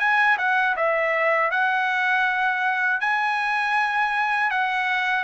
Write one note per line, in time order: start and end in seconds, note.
0.00 0.38 G#5
0.38 0.76 F#5
0.77 1.51 E5
1.51 3.01 F#5
3.01 4.51 G#5
4.51 5.24 F#5